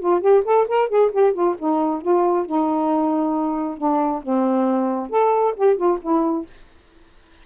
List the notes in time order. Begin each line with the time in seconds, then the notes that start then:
0.00 F4
0.21 G4
0.45 A4
0.68 A#4
0.89 G#4
1.12 G4
1.34 F4
1.59 D#4
2.02 F4
2.46 D#4
3.78 D4
4.23 C4
5.10 A4
5.57 G4
5.77 F4
6.02 E4